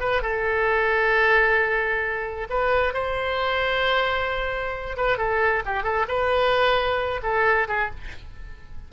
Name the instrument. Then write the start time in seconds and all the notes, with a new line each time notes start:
oboe
0.00 B4
0.22 A4
2.49 B4
2.94 C5
4.97 B4
5.17 A4
5.65 G4
5.83 A4
6.08 B4
7.22 A4
7.68 G#4